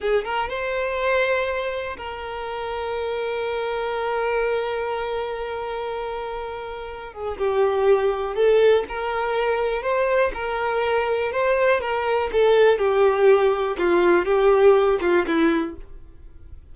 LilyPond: \new Staff \with { instrumentName = "violin" } { \time 4/4 \tempo 4 = 122 gis'8 ais'8 c''2. | ais'1~ | ais'1~ | ais'2~ ais'8 gis'8 g'4~ |
g'4 a'4 ais'2 | c''4 ais'2 c''4 | ais'4 a'4 g'2 | f'4 g'4. f'8 e'4 | }